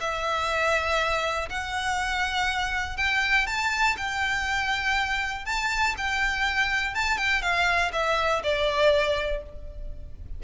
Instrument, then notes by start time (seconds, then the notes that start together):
violin
0.00 E5
1.49 F#5
2.97 G5
3.47 A5
3.97 G5
5.45 A5
5.98 G5
6.95 A5
7.18 G5
7.42 F5
7.93 E5
8.43 D5